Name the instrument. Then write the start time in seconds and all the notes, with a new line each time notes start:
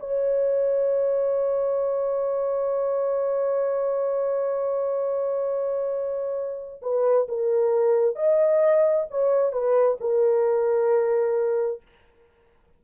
horn
0.00 C#5
6.82 B4
7.29 A#4
8.16 D#5
9.11 C#5
9.52 B4
10.00 A#4